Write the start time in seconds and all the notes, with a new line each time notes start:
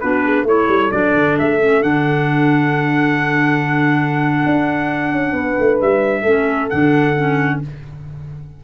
0.00 B3 D4 F#4 B4
0.24 G#4
0.43 A3 E4 A4 C#5
0.68 G3
0.91 F#3 D4 D5
1.14 D3
1.38 A3 E5
1.60 C#4
1.81 D3 D4 F#5
4.46 D4
5.12 C#4
5.32 B3 B4
5.59 A3
5.81 G3 E5
6.21 A3 C#4 A4
6.69 D3 D4 F#5
7.16 C#4